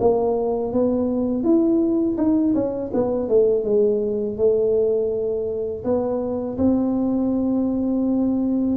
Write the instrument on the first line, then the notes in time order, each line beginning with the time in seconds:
tuba
0.00 A#3
0.73 B3
1.43 E4
2.17 D#4
2.54 C#4
2.93 B3
3.29 A3
3.64 G#3
4.37 A3
5.84 B3
6.58 C4